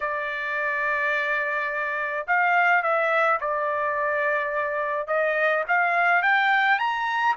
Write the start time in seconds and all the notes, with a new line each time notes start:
0.00 D5
2.27 F5
2.82 E5
3.40 D5
5.07 D#5
5.68 F5
6.22 G5
6.78 A#5